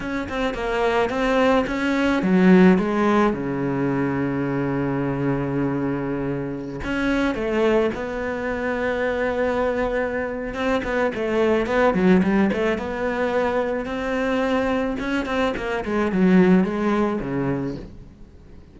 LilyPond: \new Staff \with { instrumentName = "cello" } { \time 4/4 \tempo 4 = 108 cis'8 c'8 ais4 c'4 cis'4 | fis4 gis4 cis2~ | cis1~ | cis16 cis'4 a4 b4.~ b16~ |
b2. c'8 b8 | a4 b8 fis8 g8 a8 b4~ | b4 c'2 cis'8 c'8 | ais8 gis8 fis4 gis4 cis4 | }